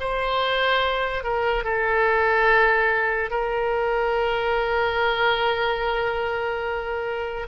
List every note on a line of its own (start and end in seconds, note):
0.00 1.24 C5
1.24 1.64 A#4
1.64 3.31 A4
3.31 7.48 A#4